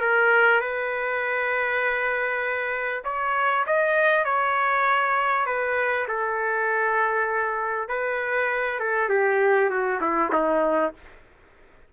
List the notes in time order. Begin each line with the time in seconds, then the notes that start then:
0.00 A#4
0.61 B4
3.04 C#5
3.66 D#5
4.25 C#5
5.46 B4
6.08 A4
7.88 B4
8.79 A4
9.09 G4
9.69 F#4
10.01 E4
10.32 D#4